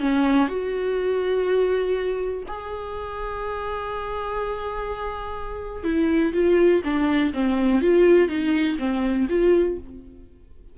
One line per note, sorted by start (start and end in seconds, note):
0.00 0.49 C#4
0.49 2.44 F#4
2.48 5.84 G#4
5.84 6.33 E4
6.33 6.82 F4
6.84 7.33 D4
7.33 7.81 C4
7.81 8.29 F4
8.29 8.78 D#4
8.79 9.28 C4
9.29 9.78 F4